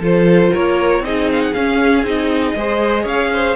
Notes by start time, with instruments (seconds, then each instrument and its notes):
0.00 cello F3, viola F4, violin A4 C5
0.52 cello A#3, violin A#4 C#5
1.00 cello C4, viola D#4, violin G#4 D#5
1.31 violin F5
1.42 violin F#5
1.53 cello C#4, viola C#4, violin F5
2.03 cello C4, viola D#4, violin D#5
2.56 cello G#3, viola G#4, violin C5
3.03 cello C#4, violin C#5 F5
3.33 violin C5